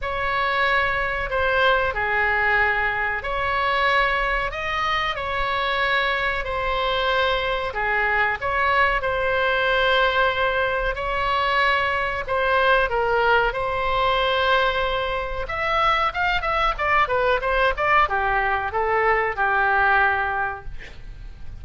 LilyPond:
\new Staff \with { instrumentName = "oboe" } { \time 4/4 \tempo 4 = 93 cis''2 c''4 gis'4~ | gis'4 cis''2 dis''4 | cis''2 c''2 | gis'4 cis''4 c''2~ |
c''4 cis''2 c''4 | ais'4 c''2. | e''4 f''8 e''8 d''8 b'8 c''8 d''8 | g'4 a'4 g'2 | }